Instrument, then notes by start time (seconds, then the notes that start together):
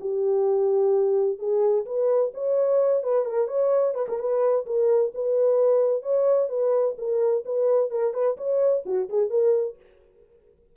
horn
0.00 G4
1.38 G#4
1.85 B4
2.33 C#5
3.03 B4
3.25 A#4
3.47 C#5
3.94 B4
4.08 A#4
4.19 B4
4.65 A#4
5.14 B4
6.02 C#5
6.48 B4
6.97 A#4
7.45 B4
7.90 A#4
8.13 B4
8.37 C#5
8.85 F#4
9.09 G#4
9.30 A#4